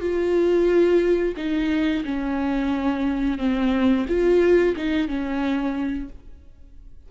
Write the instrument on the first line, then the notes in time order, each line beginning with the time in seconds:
viola
0.00 F4
1.36 D#4
2.04 C#4
3.38 C4
4.08 F4
4.76 D#4
5.08 C#4